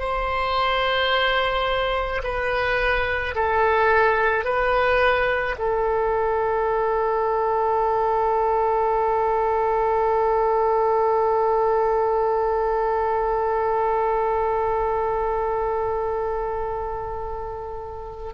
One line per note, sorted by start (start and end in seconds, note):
0.00 2.22 C5
2.24 3.35 B4
3.35 4.45 A4
4.45 5.56 B4
5.59 18.34 A4